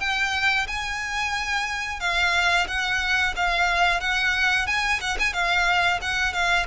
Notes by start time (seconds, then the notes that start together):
0.00 G5
0.67 G#5
2.00 F5
2.68 F#5
3.36 F5
4.00 F#5
4.67 G#5
5.01 F#5
5.19 G#5
5.33 F5
6.02 F#5
6.33 F5